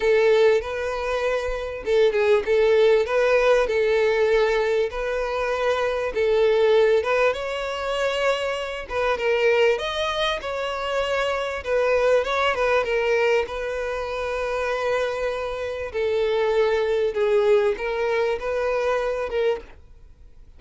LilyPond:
\new Staff \with { instrumentName = "violin" } { \time 4/4 \tempo 4 = 98 a'4 b'2 a'8 gis'8 | a'4 b'4 a'2 | b'2 a'4. b'8 | cis''2~ cis''8 b'8 ais'4 |
dis''4 cis''2 b'4 | cis''8 b'8 ais'4 b'2~ | b'2 a'2 | gis'4 ais'4 b'4. ais'8 | }